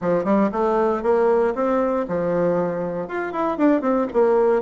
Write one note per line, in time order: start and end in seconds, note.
0.01 0.24 F3
0.24 0.50 G3
0.52 1.03 A3
1.03 1.54 A#3
1.54 2.06 C4
2.08 3.07 F3
3.07 3.32 F4
3.32 3.57 E4
3.57 3.81 D4
3.81 4.06 C4
4.13 4.62 A#3